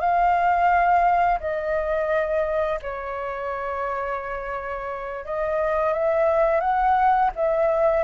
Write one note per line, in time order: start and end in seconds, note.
0.00 1.40 F5
1.40 2.80 D#5
2.82 5.25 C#5
5.25 5.94 D#5
5.94 6.61 E5
6.61 7.30 F#5
7.36 8.04 E5